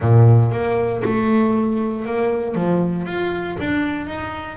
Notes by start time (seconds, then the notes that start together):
0.00 A#2
0.51 A#3
1.04 A3
2.05 A#3
2.54 F3
3.05 F4
3.59 D4
4.06 D#4